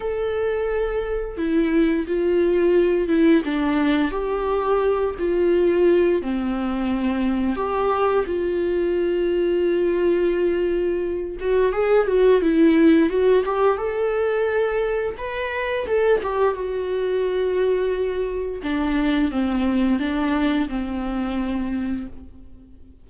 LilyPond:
\new Staff \with { instrumentName = "viola" } { \time 4/4 \tempo 4 = 87 a'2 e'4 f'4~ | f'8 e'8 d'4 g'4. f'8~ | f'4 c'2 g'4 | f'1~ |
f'8 fis'8 gis'8 fis'8 e'4 fis'8 g'8 | a'2 b'4 a'8 g'8 | fis'2. d'4 | c'4 d'4 c'2 | }